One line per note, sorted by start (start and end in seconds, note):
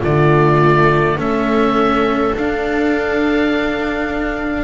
0.00 1.17 D3
0.00 1.18 A3
0.00 1.15 F4
0.00 1.19 D5
1.17 2.32 A3
1.17 2.33 C#4
1.17 4.64 A4
1.17 2.35 E5
2.33 4.64 D4
2.33 4.64 F5